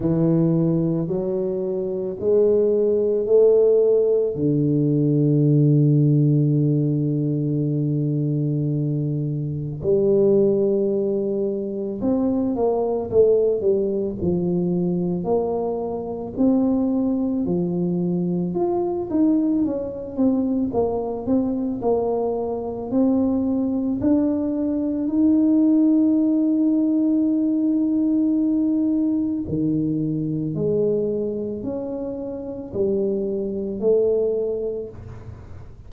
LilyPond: \new Staff \with { instrumentName = "tuba" } { \time 4/4 \tempo 4 = 55 e4 fis4 gis4 a4 | d1~ | d4 g2 c'8 ais8 | a8 g8 f4 ais4 c'4 |
f4 f'8 dis'8 cis'8 c'8 ais8 c'8 | ais4 c'4 d'4 dis'4~ | dis'2. dis4 | gis4 cis'4 g4 a4 | }